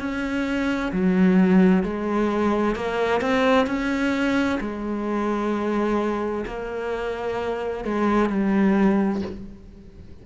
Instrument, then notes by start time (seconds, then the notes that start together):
cello
0.00 C#4
0.93 F#3
1.83 G#3
2.76 A#3
3.21 C4
3.67 C#4
4.61 G#3
6.47 A#3
7.85 G#3
8.30 G3